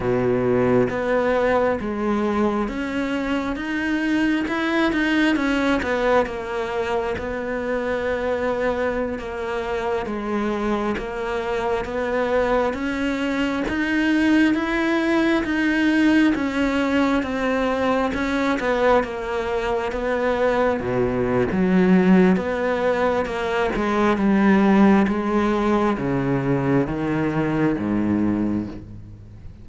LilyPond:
\new Staff \with { instrumentName = "cello" } { \time 4/4 \tempo 4 = 67 b,4 b4 gis4 cis'4 | dis'4 e'8 dis'8 cis'8 b8 ais4 | b2~ b16 ais4 gis8.~ | gis16 ais4 b4 cis'4 dis'8.~ |
dis'16 e'4 dis'4 cis'4 c'8.~ | c'16 cis'8 b8 ais4 b4 b,8. | fis4 b4 ais8 gis8 g4 | gis4 cis4 dis4 gis,4 | }